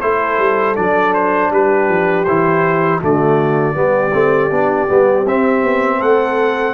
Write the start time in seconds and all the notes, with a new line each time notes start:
0.00 A3 E4 A4 C5
0.38 G3
0.75 F#3 D4 D5
1.13 C5
1.51 G3 G4 B4
1.88 F3
2.24 E3 E4 C5
3.00 D3 A3 F#4 D5
3.74 G3 B3 G4
4.12 A3 C4
4.50 B3 D4
4.88 G3 B3
5.25 C4 E5
5.62 B3
5.98 A3 A4 F#5